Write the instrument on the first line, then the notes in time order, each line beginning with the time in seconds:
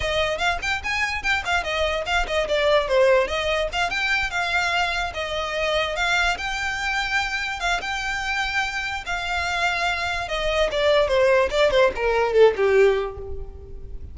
violin
0.00 D#5
0.38 F5
0.62 G5
0.83 G#5
1.22 G5
1.45 F5
1.63 D#5
2.05 F5
2.27 D#5
2.48 D5
2.88 C5
3.27 D#5
3.72 F5
3.90 G5
4.30 F5
5.14 D#5
5.96 F5
6.37 G5
7.59 F5
7.81 G5
9.06 F5
10.28 D#5
10.71 D5
11.08 C5
11.50 D5
11.70 C5
11.95 A#4
12.33 A4
12.56 G4